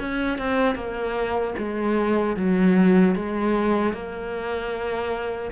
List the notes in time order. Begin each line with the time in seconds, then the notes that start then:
0.00 C#4
0.38 C4
0.75 A#3
1.58 G#3
2.37 F#3
3.15 G#3
3.93 A#3